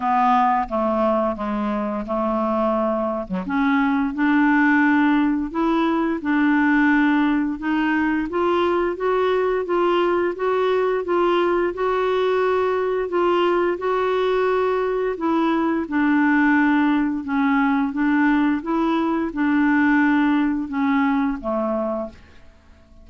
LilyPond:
\new Staff \with { instrumentName = "clarinet" } { \time 4/4 \tempo 4 = 87 b4 a4 gis4 a4~ | a8. fis16 cis'4 d'2 | e'4 d'2 dis'4 | f'4 fis'4 f'4 fis'4 |
f'4 fis'2 f'4 | fis'2 e'4 d'4~ | d'4 cis'4 d'4 e'4 | d'2 cis'4 a4 | }